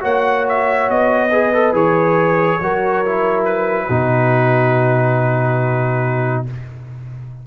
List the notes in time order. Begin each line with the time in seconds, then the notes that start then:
0.00 A#3 F#4 C#5 F#5
0.48 E5
0.89 B3 D#5
1.31 G#4 B4
1.53 A4
1.72 E3 G#4 C#5
2.59 F#3 F#4 A#4
3.05 E4
3.44 B4
3.86 B2 D#4 F#4